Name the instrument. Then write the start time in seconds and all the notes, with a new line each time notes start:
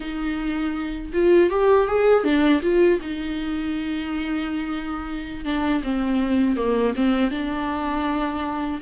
viola
0.00 D#4
1.13 F4
1.50 G4
1.87 G#4
2.23 D4
2.62 F4
3.01 D#4
5.44 D4
5.83 C4
6.56 A#3
6.95 C4
7.31 D4